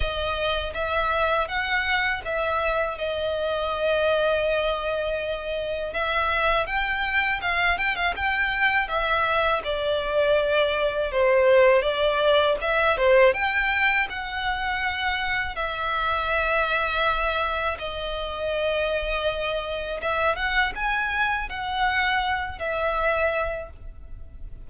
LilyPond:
\new Staff \with { instrumentName = "violin" } { \time 4/4 \tempo 4 = 81 dis''4 e''4 fis''4 e''4 | dis''1 | e''4 g''4 f''8 g''16 f''16 g''4 | e''4 d''2 c''4 |
d''4 e''8 c''8 g''4 fis''4~ | fis''4 e''2. | dis''2. e''8 fis''8 | gis''4 fis''4. e''4. | }